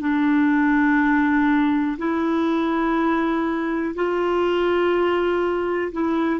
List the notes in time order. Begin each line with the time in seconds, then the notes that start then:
0.00 D4
1.98 E4
3.95 F4
5.92 E4